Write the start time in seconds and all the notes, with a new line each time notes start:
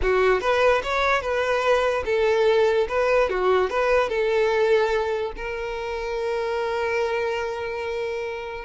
0.01 F#4
0.41 B4
0.83 C#5
1.21 B4
2.05 A4
2.88 B4
3.29 F#4
3.69 B4
4.09 A4
5.36 A#4